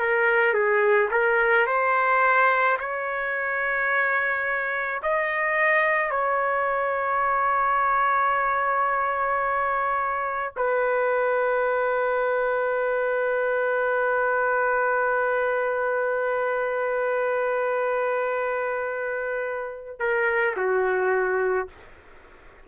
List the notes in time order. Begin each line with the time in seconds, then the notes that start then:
0.00 A#4
0.54 G#4
1.12 A#4
1.67 C5
2.79 C#5
5.03 D#5
6.11 C#5
10.57 B4
20.00 A#4
20.57 F#4